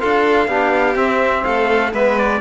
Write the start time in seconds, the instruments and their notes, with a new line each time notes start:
0.00 cello D4, trombone F4, violin A4, trumpet F5
0.47 cello B3, trombone D4, violin G4
0.95 cello C4, trombone C4, trumpet E5
1.43 cello A3, violin A4, trumpet F5
1.92 cello G#3, trombone B3, violin B4, trumpet E5
2.18 trumpet D5